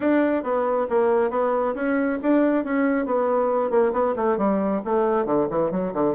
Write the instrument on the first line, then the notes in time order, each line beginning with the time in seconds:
bassoon
0.00 D4
0.43 B3
0.89 A#3
1.30 B3
1.74 C#4
2.22 D4
2.64 C#4
3.05 B3
3.70 A#3
3.93 B3
4.16 A3
4.37 G3
4.85 A3
5.25 D3
5.50 E3
5.71 F#3
5.93 D3